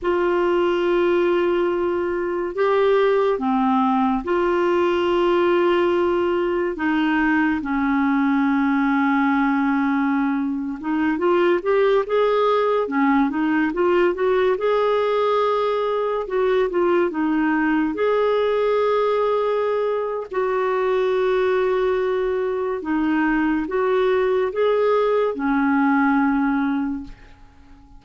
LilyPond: \new Staff \with { instrumentName = "clarinet" } { \time 4/4 \tempo 4 = 71 f'2. g'4 | c'4 f'2. | dis'4 cis'2.~ | cis'8. dis'8 f'8 g'8 gis'4 cis'8 dis'16~ |
dis'16 f'8 fis'8 gis'2 fis'8 f'16~ | f'16 dis'4 gis'2~ gis'8. | fis'2. dis'4 | fis'4 gis'4 cis'2 | }